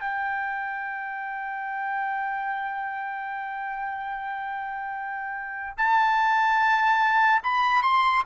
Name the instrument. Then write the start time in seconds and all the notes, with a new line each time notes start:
trumpet
0.00 G5
5.77 A5
7.42 B5
7.82 C6